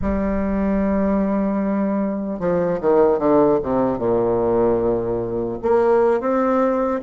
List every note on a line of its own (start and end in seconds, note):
0.01 2.39 G3
2.39 2.79 F3
2.80 3.19 D#3
3.19 3.59 D3
3.62 3.98 C3
3.98 5.58 A#2
5.62 6.20 A#3
6.20 7.00 C4